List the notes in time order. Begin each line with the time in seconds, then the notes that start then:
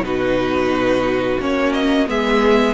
0.00 B2 D#4 F#4 B4
1.39 A#3 C#4 C#5
1.72 D#5
2.07 G#3 B3 G#4 E5